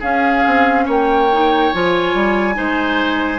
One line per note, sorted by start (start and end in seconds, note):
0.00 0.45 C#4
0.00 1.29 C#4
0.00 0.85 G#4
0.00 0.87 F5
0.47 0.87 C4
0.86 1.72 A#3
0.86 2.55 C#5
0.86 1.74 G5
1.33 1.74 D#4
1.74 2.14 F3
1.74 2.55 F4
1.74 3.40 G#5
2.14 2.57 G3
2.55 3.40 G#3
2.55 3.39 D#4
2.55 3.40 C5